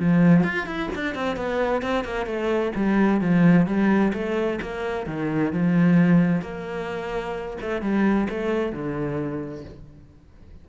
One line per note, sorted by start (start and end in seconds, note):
0.00 0.44 F3
0.44 0.67 F4
0.67 0.90 E4
0.96 1.15 D4
1.15 1.37 C4
1.37 1.83 B3
1.83 2.05 C4
2.05 2.26 A#3
2.26 2.73 A3
2.76 3.21 G3
3.21 3.67 F3
3.67 4.13 G3
4.14 4.60 A3
4.62 5.07 A#3
5.07 5.53 D#3
5.53 6.42 F3
6.42 7.58 A#3
7.62 7.82 A3
7.82 8.28 G3
8.30 8.73 A3
8.73 9.65 D3